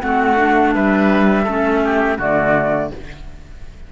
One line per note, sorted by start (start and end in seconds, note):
0.00 0.75 A3
0.00 0.36 C4
0.00 0.75 F#4
0.00 0.73 F#5
0.36 1.45 D4
0.75 1.46 G3
0.75 1.44 B4
0.75 2.19 E5
1.44 2.18 A3
1.44 2.19 C#4
1.44 1.80 A4
1.84 2.18 G4
2.18 2.91 D3
2.18 2.91 A3
2.18 2.90 F#4
2.18 2.92 D5